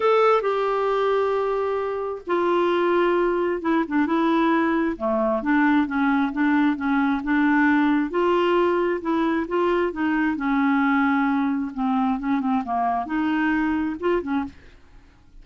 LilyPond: \new Staff \with { instrumentName = "clarinet" } { \time 4/4 \tempo 4 = 133 a'4 g'2.~ | g'4 f'2. | e'8 d'8 e'2 a4 | d'4 cis'4 d'4 cis'4 |
d'2 f'2 | e'4 f'4 dis'4 cis'4~ | cis'2 c'4 cis'8 c'8 | ais4 dis'2 f'8 cis'8 | }